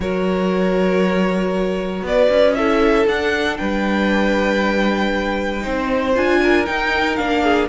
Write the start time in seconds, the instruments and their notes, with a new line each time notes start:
0.00 cello F#3, viola F#4, violin A#4 C#5
2.01 cello B3, violin D5
2.08 violin B4
2.29 cello C#4
2.54 viola E4, violin A4 E5
3.07 cello D4, viola D4, violin F#5
3.57 cello G3, violin B4 G5
5.61 cello C4, viola D#4, violin C5
6.15 cello D4, viola F4, violin G#5
6.43 violin A#4
6.65 viola D#4, cello D#4, violin G5
7.15 cello A#3, viola D4, violin F5
7.43 violin G#4